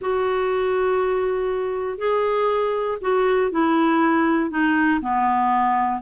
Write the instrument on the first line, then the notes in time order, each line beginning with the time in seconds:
clarinet
0.01 F#4
1.98 G#4
3.01 F#4
3.51 E4
4.50 D#4
5.01 B3